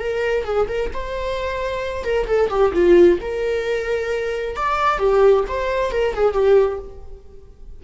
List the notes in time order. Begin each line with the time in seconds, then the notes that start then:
0.00 A#4
0.45 G#4
0.69 A#4
0.94 C5
2.05 A#4
2.27 A4
2.50 G4
2.74 F4
3.21 A#4
4.57 D5
4.99 G4
5.48 C5
5.92 A#4
6.15 G#4
6.34 G4